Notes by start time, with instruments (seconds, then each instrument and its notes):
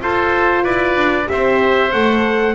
0.00 horn F4, double bass F4, oboe A4, trumpet C5
0.63 double bass E4, oboe B4, trumpet D5
0.96 double bass D4
1.26 double bass C4, horn G4, oboe C5, trumpet E5
1.92 double bass A3, horn A4, trumpet F#5